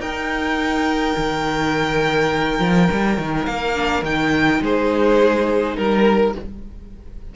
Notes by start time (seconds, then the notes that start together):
0.00 D#4 A#4 G5
1.17 D#3
2.60 F3
2.92 G3
3.18 D#3
3.46 A#3 F5
3.76 D4
4.03 D#3 D#4 G5
4.62 G#3 G#4 C5
5.77 G3 A#4